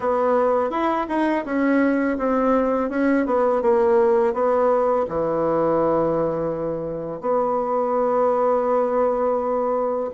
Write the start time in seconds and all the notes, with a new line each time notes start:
0.00 B3
0.70 E4
1.08 D#4
1.45 C#4
2.18 C4
2.89 C#4
3.25 B3
3.62 A#3
4.33 B3
5.08 E3
7.21 B3